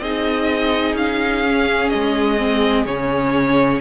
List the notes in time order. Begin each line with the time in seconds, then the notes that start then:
0.00 C4 D#4 G#4 D#5
0.94 C#4 F5
1.44 C#4
1.90 G#3 D#5
2.38 C4
2.86 C#3 C#4 C#5